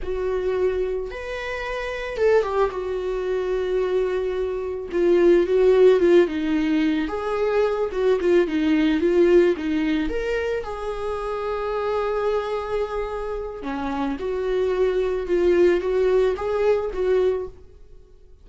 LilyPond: \new Staff \with { instrumentName = "viola" } { \time 4/4 \tempo 4 = 110 fis'2 b'2 | a'8 g'8 fis'2.~ | fis'4 f'4 fis'4 f'8 dis'8~ | dis'4 gis'4. fis'8 f'8 dis'8~ |
dis'8 f'4 dis'4 ais'4 gis'8~ | gis'1~ | gis'4 cis'4 fis'2 | f'4 fis'4 gis'4 fis'4 | }